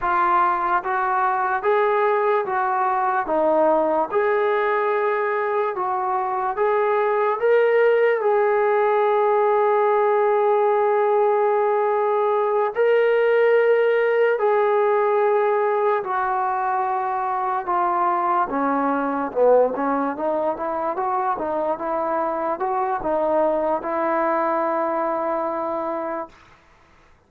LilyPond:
\new Staff \with { instrumentName = "trombone" } { \time 4/4 \tempo 4 = 73 f'4 fis'4 gis'4 fis'4 | dis'4 gis'2 fis'4 | gis'4 ais'4 gis'2~ | gis'2.~ gis'8 ais'8~ |
ais'4. gis'2 fis'8~ | fis'4. f'4 cis'4 b8 | cis'8 dis'8 e'8 fis'8 dis'8 e'4 fis'8 | dis'4 e'2. | }